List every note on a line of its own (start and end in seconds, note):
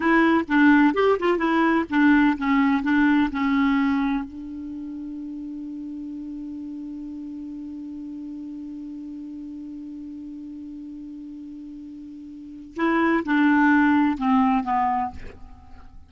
0.00 0.44 E4
0.47 0.94 D4
0.94 1.17 G4
1.19 1.38 F4
1.38 1.85 E4
1.89 2.37 D4
2.37 2.82 C#4
2.82 3.30 D4
3.31 4.24 C#4
4.24 12.74 D4
12.76 13.23 E4
13.24 14.17 D4
14.17 14.63 C4
14.63 15.10 B3